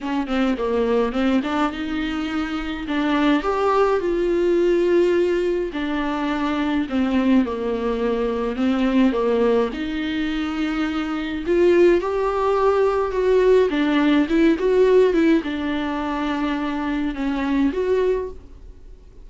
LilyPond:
\new Staff \with { instrumentName = "viola" } { \time 4/4 \tempo 4 = 105 cis'8 c'8 ais4 c'8 d'8 dis'4~ | dis'4 d'4 g'4 f'4~ | f'2 d'2 | c'4 ais2 c'4 |
ais4 dis'2. | f'4 g'2 fis'4 | d'4 e'8 fis'4 e'8 d'4~ | d'2 cis'4 fis'4 | }